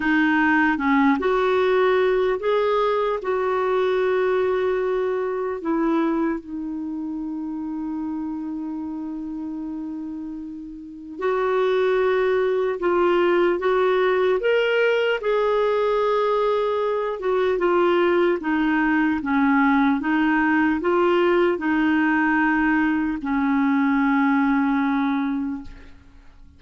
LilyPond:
\new Staff \with { instrumentName = "clarinet" } { \time 4/4 \tempo 4 = 75 dis'4 cis'8 fis'4. gis'4 | fis'2. e'4 | dis'1~ | dis'2 fis'2 |
f'4 fis'4 ais'4 gis'4~ | gis'4. fis'8 f'4 dis'4 | cis'4 dis'4 f'4 dis'4~ | dis'4 cis'2. | }